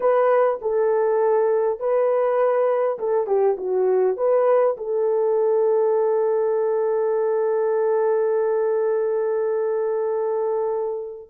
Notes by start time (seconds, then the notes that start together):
0.00 B4
0.61 A4
1.79 B4
2.98 A4
3.26 G4
3.57 F#4
4.16 B4
4.77 A4